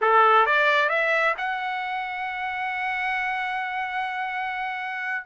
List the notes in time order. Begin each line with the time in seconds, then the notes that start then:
0.01 A4
0.46 D5
0.89 E5
1.37 F#5